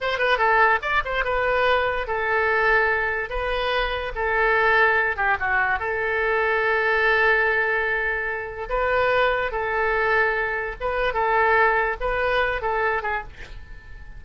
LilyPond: \new Staff \with { instrumentName = "oboe" } { \time 4/4 \tempo 4 = 145 c''8 b'8 a'4 d''8 c''8 b'4~ | b'4 a'2. | b'2 a'2~ | a'8 g'8 fis'4 a'2~ |
a'1~ | a'4 b'2 a'4~ | a'2 b'4 a'4~ | a'4 b'4. a'4 gis'8 | }